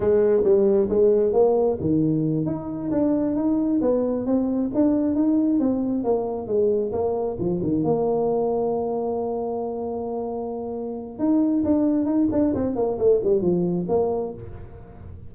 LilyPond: \new Staff \with { instrumentName = "tuba" } { \time 4/4 \tempo 4 = 134 gis4 g4 gis4 ais4 | dis4. dis'4 d'4 dis'8~ | dis'8 b4 c'4 d'4 dis'8~ | dis'8 c'4 ais4 gis4 ais8~ |
ais8 f8 dis8 ais2~ ais8~ | ais1~ | ais4 dis'4 d'4 dis'8 d'8 | c'8 ais8 a8 g8 f4 ais4 | }